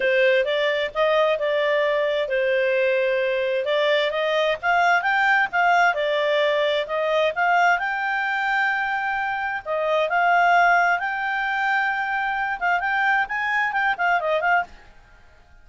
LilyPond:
\new Staff \with { instrumentName = "clarinet" } { \time 4/4 \tempo 4 = 131 c''4 d''4 dis''4 d''4~ | d''4 c''2. | d''4 dis''4 f''4 g''4 | f''4 d''2 dis''4 |
f''4 g''2.~ | g''4 dis''4 f''2 | g''2.~ g''8 f''8 | g''4 gis''4 g''8 f''8 dis''8 f''8 | }